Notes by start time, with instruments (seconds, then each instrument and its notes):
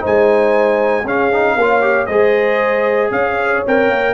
0.00 tuba G#3, trombone D#4, horn C5, trumpet G#5
1.02 tuba C#4, trombone C#4, horn G#4, trumpet F5
1.32 trombone D#4
1.55 tuba A#3, trombone F4, horn C#5
1.81 trombone G4
2.06 tuba G#3, trombone G#4, horn C5, trumpet D#5
3.11 tuba C#4, horn C#5, trumpet F5
3.67 tuba C4, trombone A#4, trumpet G5
3.89 tuba A#3